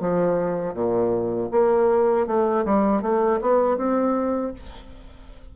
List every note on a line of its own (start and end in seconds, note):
0.00 0.74 F3
0.74 1.50 A#2
1.52 2.27 A#3
2.27 2.65 A3
2.65 3.02 G3
3.02 3.40 A3
3.41 3.77 B3
3.77 4.53 C4